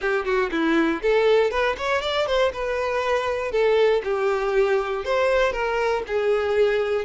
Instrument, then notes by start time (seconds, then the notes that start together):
violin
0.01 G4
0.25 F#4
0.51 E4
1.02 A4
1.51 B4
1.77 C#5
2.01 D5
2.26 C5
2.53 B4
3.51 A4
4.03 G4
5.04 C5
5.52 A#4
6.07 G#4